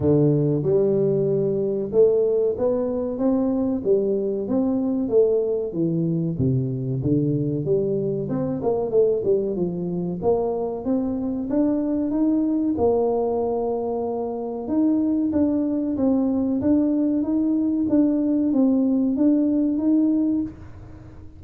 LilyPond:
\new Staff \with { instrumentName = "tuba" } { \time 4/4 \tempo 4 = 94 d4 g2 a4 | b4 c'4 g4 c'4 | a4 e4 c4 d4 | g4 c'8 ais8 a8 g8 f4 |
ais4 c'4 d'4 dis'4 | ais2. dis'4 | d'4 c'4 d'4 dis'4 | d'4 c'4 d'4 dis'4 | }